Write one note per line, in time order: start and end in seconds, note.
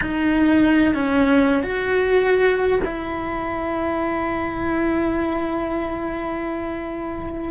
0.01 0.94 D#4
0.94 1.62 C#4
1.62 2.80 F#4
2.84 7.50 E4